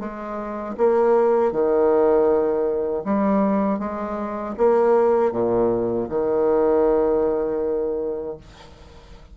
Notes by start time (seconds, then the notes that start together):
0.00 G#3
0.78 A#3
1.52 D#3
3.05 G3
3.79 G#3
4.58 A#3
5.32 A#2
6.09 D#3